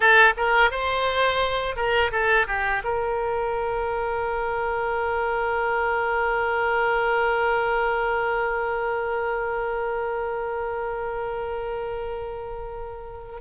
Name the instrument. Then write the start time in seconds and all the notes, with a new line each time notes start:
oboe
0.00 A4
0.37 A#4
0.71 C5
1.76 A#4
2.11 A4
2.47 G4
2.84 A#4